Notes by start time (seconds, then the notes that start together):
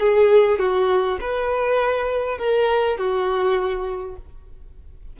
0.00 G#4
0.59 F#4
1.21 B4
2.38 A#4
2.98 F#4